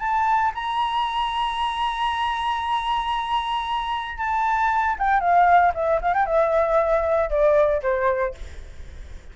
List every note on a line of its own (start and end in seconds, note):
0.00 0.52 A5
0.55 4.18 A#5
4.18 4.97 A5
4.99 5.21 G5
5.21 5.73 F5
5.75 6.01 E5
6.02 6.14 F5
6.14 6.26 G5
6.26 7.30 E5
7.30 7.82 D5
7.83 8.35 C5